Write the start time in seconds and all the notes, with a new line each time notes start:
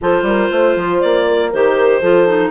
0.01 F3 F4 A4 C5
0.22 G3 A#4
0.51 A3 C5
0.75 F3
1.00 A#3 D5
1.28 A#4
1.53 D#3 G4 C5
2.00 F3 F4 A4
2.26 D#4